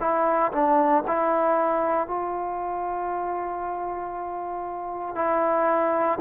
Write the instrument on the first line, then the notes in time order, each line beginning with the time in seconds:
trombone
0.00 E4
0.52 D4
1.07 E4
2.07 F4
5.15 E4